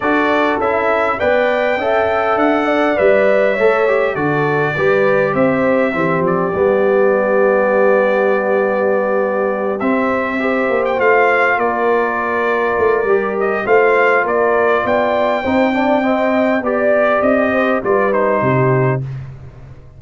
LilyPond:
<<
  \new Staff \with { instrumentName = "trumpet" } { \time 4/4 \tempo 4 = 101 d''4 e''4 g''2 | fis''4 e''2 d''4~ | d''4 e''4. d''4.~ | d''1~ |
d''8 e''4.~ e''16 g''16 f''4 d''8~ | d''2~ d''8 dis''8 f''4 | d''4 g''2. | d''4 dis''4 d''8 c''4. | }
  \new Staff \with { instrumentName = "horn" } { \time 4/4 a'2 d''4 e''4~ | e''8 d''4. cis''4 a'4 | b'4 c''4 g'2~ | g'1~ |
g'4. c''2 ais'8~ | ais'2. c''4 | ais'4 d''4 c''8 d''8 dis''4 | d''4. c''8 b'4 g'4 | }
  \new Staff \with { instrumentName = "trombone" } { \time 4/4 fis'4 e'4 b'4 a'4~ | a'4 b'4 a'8 g'8 fis'4 | g'2 c'4 b4~ | b1~ |
b8 c'4 g'4 f'4.~ | f'2 g'4 f'4~ | f'2 dis'8 d'8 c'4 | g'2 f'8 dis'4. | }
  \new Staff \with { instrumentName = "tuba" } { \time 4/4 d'4 cis'4 b4 cis'4 | d'4 g4 a4 d4 | g4 c'4 e8 f8 g4~ | g1~ |
g8 c'4. ais8 a4 ais8~ | ais4. a8 g4 a4 | ais4 b4 c'2 | b4 c'4 g4 c4 | }
>>